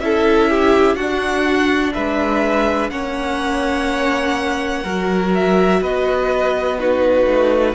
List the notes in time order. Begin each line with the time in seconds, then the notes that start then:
0.00 C#4 E4 A4 E5
0.50 G4
0.95 D4 F#4 F#5
1.94 G#3 B4 E5
2.90 A#3 C#4 C#5 F#5
4.83 F#3 F#4 A#4
5.35 E5
5.81 B3 B4 D#5
6.79 D#4 F#4 B4
7.26 A3